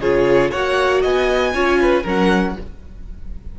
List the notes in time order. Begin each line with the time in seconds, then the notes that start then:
0.00 C#3 F4 G#4 C#5
0.51 A#3 F#4 C#5 F#5
1.02 B3 D#5 G#5
1.54 C#4 F4 C#5
1.82 B4
2.04 F#3 C#4 A#4 F#5